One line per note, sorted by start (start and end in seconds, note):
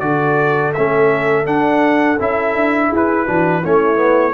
0.00 0.74 D3
0.00 0.73 F#4
0.00 2.89 A4
0.00 0.72 D5
0.74 1.46 A3
0.74 1.45 C#4
0.74 1.46 E5
1.45 2.17 D4
1.45 2.18 D4
1.45 2.19 F#5
2.19 2.55 C#4
2.19 3.27 E4
2.19 2.94 E5
2.55 2.91 D4
2.89 3.28 E4
2.89 3.25 G#4
2.96 3.65 B4
3.25 3.65 E3
3.25 3.63 D4
3.25 3.61 F#4
3.63 4.34 A3
3.63 3.96 C#4
3.63 4.34 E4
3.63 4.34 C#5
3.96 4.32 B3